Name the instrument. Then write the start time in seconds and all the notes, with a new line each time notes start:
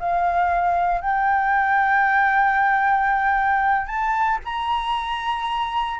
flute
0.00 F5
1.02 G5
3.87 A5
4.45 A#5